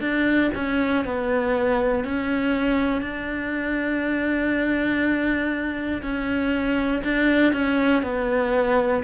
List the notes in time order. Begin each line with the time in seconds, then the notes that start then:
0.00 D4
0.55 C#4
1.05 B3
2.04 C#4
3.01 D4
6.02 C#4
7.04 D4
7.53 C#4
8.02 B3